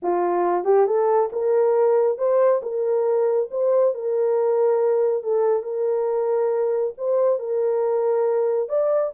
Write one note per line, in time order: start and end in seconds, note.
0.02 0.64 F4
0.64 0.86 G4
0.86 1.29 A4
1.32 2.17 A#4
2.17 2.61 C5
2.62 3.49 A#4
3.50 3.94 C5
3.94 5.23 A#4
5.23 5.63 A4
5.63 6.93 A#4
6.97 7.39 C5
7.39 8.69 A#4
8.69 9.12 D5